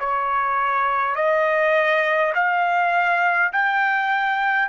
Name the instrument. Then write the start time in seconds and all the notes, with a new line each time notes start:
trumpet
0.00 C#5
1.16 D#5
2.35 F5
3.52 G5